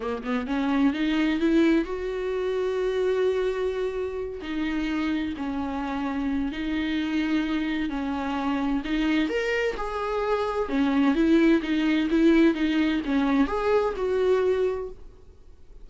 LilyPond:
\new Staff \with { instrumentName = "viola" } { \time 4/4 \tempo 4 = 129 ais8 b8 cis'4 dis'4 e'4 | fis'1~ | fis'4. dis'2 cis'8~ | cis'2 dis'2~ |
dis'4 cis'2 dis'4 | ais'4 gis'2 cis'4 | e'4 dis'4 e'4 dis'4 | cis'4 gis'4 fis'2 | }